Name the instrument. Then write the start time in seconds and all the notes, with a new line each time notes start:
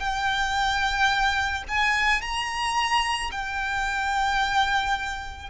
violin
0.00 G5
1.69 G#5
2.22 A#5
3.32 G5